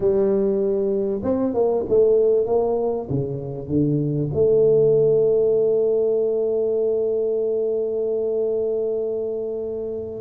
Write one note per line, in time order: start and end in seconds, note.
0.00 1.21 G3
1.23 1.54 C4
1.54 1.84 A#3
1.89 2.46 A3
2.46 3.08 A#3
3.09 3.67 C#3
3.67 4.29 D3
4.33 10.20 A3